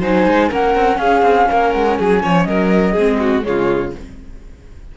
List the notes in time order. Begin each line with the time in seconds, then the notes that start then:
0.00 F#3 D#4 C5 G#5
0.26 G#3
0.49 A#3 C#4 A#4 F#5
0.75 C4
0.98 C#4 G#4 F5
1.22 C4
1.49 A#3 A#4
1.72 G#3 F#5
1.99 F#3 G#4 G#5
2.23 F3 C#5
2.44 F#3 A#4 D#5
2.92 G#3 C4 G#4
3.20 F#4
3.43 C#3 G#3 F4 C#5